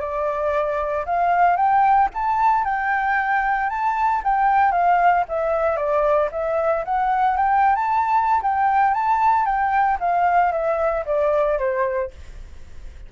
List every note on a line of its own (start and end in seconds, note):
0.00 1.05 D5
1.06 1.56 F5
1.56 2.09 G5
2.14 2.64 A5
2.64 3.69 G5
3.69 4.22 A5
4.24 4.72 G5
4.72 5.24 F5
5.28 5.76 E5
5.76 6.29 D5
6.32 6.84 E5
6.85 7.37 F#5
7.37 7.76 G5
7.76 8.41 A5
8.42 8.94 G5
8.94 9.45 A5
9.45 9.98 G5
10.00 10.52 F5
10.52 11.05 E5
11.06 11.58 D5
11.58 12.11 C5